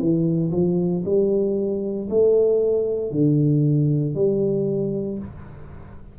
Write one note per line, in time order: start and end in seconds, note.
0.00 0.52 E3
0.52 1.04 F3
1.06 2.09 G3
2.10 3.12 A3
3.12 4.15 D3
4.15 5.19 G3